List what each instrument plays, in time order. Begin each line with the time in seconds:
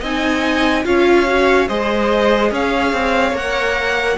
0.00 cello C4, viola D#4, violin D#5 G#5
0.84 cello C#4, viola F4, violin C#5 F5
1.26 viola F#4
1.68 cello G#3, viola G#4, violin C5 D#5
2.51 cello C#4, violin C#5 F5
2.93 cello C4
3.32 cello A#3, viola A#4, violin F#5